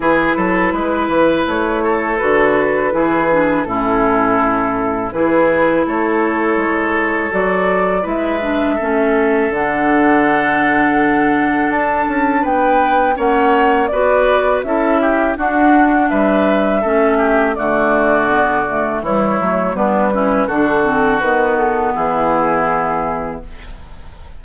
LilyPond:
<<
  \new Staff \with { instrumentName = "flute" } { \time 4/4 \tempo 4 = 82 b'2 cis''4 b'4~ | b'4 a'2 b'4 | cis''2 d''4 e''4~ | e''4 fis''2. |
a''4 g''4 fis''4 d''4 | e''4 fis''4 e''2 | d''2 cis''4 b'4 | a'4 b'8 a'8 gis'2 | }
  \new Staff \with { instrumentName = "oboe" } { \time 4/4 gis'8 a'8 b'4. a'4. | gis'4 e'2 gis'4 | a'2. b'4 | a'1~ |
a'4 b'4 cis''4 b'4 | a'8 g'8 fis'4 b'4 a'8 g'8 | fis'2 e'4 d'8 e'8 | fis'2 e'2 | }
  \new Staff \with { instrumentName = "clarinet" } { \time 4/4 e'2. fis'4 | e'8 d'8 cis'2 e'4~ | e'2 fis'4 e'8 d'8 | cis'4 d'2.~ |
d'2 cis'4 fis'4 | e'4 d'2 cis'4 | a4 b8 a8 g8 a8 b8 cis'8 | d'8 c'8 b2. | }
  \new Staff \with { instrumentName = "bassoon" } { \time 4/4 e8 fis8 gis8 e8 a4 d4 | e4 a,2 e4 | a4 gis4 fis4 gis4 | a4 d2. |
d'8 cis'8 b4 ais4 b4 | cis'4 d'4 g4 a4 | d2 e8 fis8 g4 | d4 dis4 e2 | }
>>